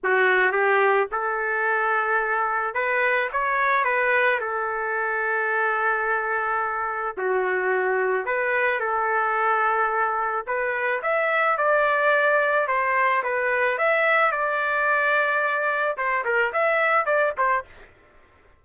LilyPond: \new Staff \with { instrumentName = "trumpet" } { \time 4/4 \tempo 4 = 109 fis'4 g'4 a'2~ | a'4 b'4 cis''4 b'4 | a'1~ | a'4 fis'2 b'4 |
a'2. b'4 | e''4 d''2 c''4 | b'4 e''4 d''2~ | d''4 c''8 ais'8 e''4 d''8 c''8 | }